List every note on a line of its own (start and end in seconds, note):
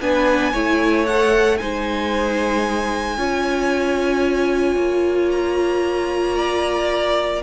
0.00 0.53 B3
0.00 0.53 D4
0.00 0.52 B4
0.00 1.06 G#5
0.52 1.60 A3
0.52 1.06 E4
0.52 1.58 C#5
1.06 1.59 A4
1.06 1.57 F#5
1.57 3.17 G#3
1.57 3.17 D#4
1.57 3.18 C5
1.57 5.29 G#5
3.17 4.76 C#4
3.17 7.42 F4
3.17 6.36 C#5
4.76 7.41 A#3
5.31 7.42 A#5
6.36 7.42 D5